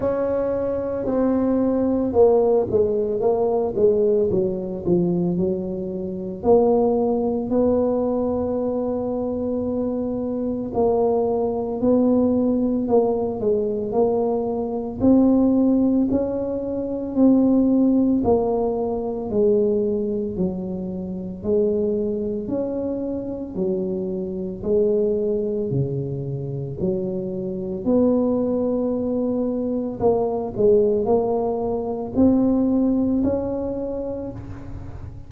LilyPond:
\new Staff \with { instrumentName = "tuba" } { \time 4/4 \tempo 4 = 56 cis'4 c'4 ais8 gis8 ais8 gis8 | fis8 f8 fis4 ais4 b4~ | b2 ais4 b4 | ais8 gis8 ais4 c'4 cis'4 |
c'4 ais4 gis4 fis4 | gis4 cis'4 fis4 gis4 | cis4 fis4 b2 | ais8 gis8 ais4 c'4 cis'4 | }